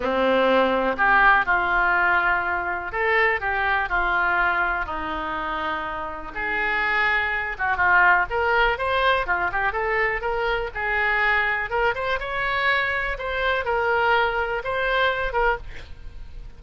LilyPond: \new Staff \with { instrumentName = "oboe" } { \time 4/4 \tempo 4 = 123 c'2 g'4 f'4~ | f'2 a'4 g'4 | f'2 dis'2~ | dis'4 gis'2~ gis'8 fis'8 |
f'4 ais'4 c''4 f'8 g'8 | a'4 ais'4 gis'2 | ais'8 c''8 cis''2 c''4 | ais'2 c''4. ais'8 | }